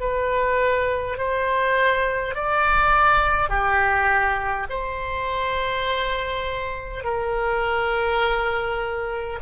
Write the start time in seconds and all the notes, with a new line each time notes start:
0.00 B4
1.18 C5
2.35 D5
3.50 G4
4.70 C5
7.04 A#4